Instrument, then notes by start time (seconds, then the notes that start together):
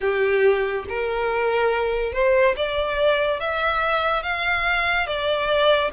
violin
0.00 G4
0.88 A#4
2.12 C5
2.56 D5
3.40 E5
4.23 F5
5.06 D5